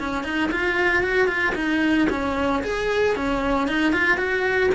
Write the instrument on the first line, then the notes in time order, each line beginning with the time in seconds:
cello
0.00 C#4
0.24 D#4
0.52 F4
1.03 F#4
1.28 F4
1.55 D#4
2.10 C#4
2.63 G#4
3.16 C#4
3.68 D#4
3.93 F4
4.18 F#4